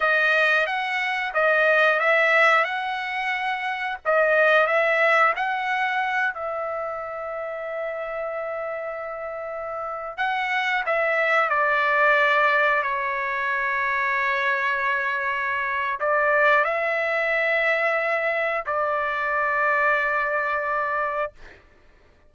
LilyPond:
\new Staff \with { instrumentName = "trumpet" } { \time 4/4 \tempo 4 = 90 dis''4 fis''4 dis''4 e''4 | fis''2 dis''4 e''4 | fis''4. e''2~ e''8~ | e''2.~ e''16 fis''8.~ |
fis''16 e''4 d''2 cis''8.~ | cis''1 | d''4 e''2. | d''1 | }